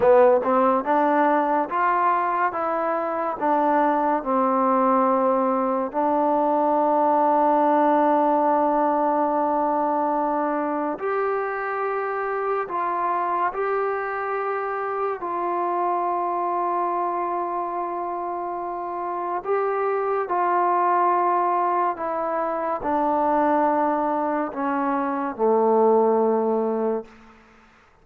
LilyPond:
\new Staff \with { instrumentName = "trombone" } { \time 4/4 \tempo 4 = 71 b8 c'8 d'4 f'4 e'4 | d'4 c'2 d'4~ | d'1~ | d'4 g'2 f'4 |
g'2 f'2~ | f'2. g'4 | f'2 e'4 d'4~ | d'4 cis'4 a2 | }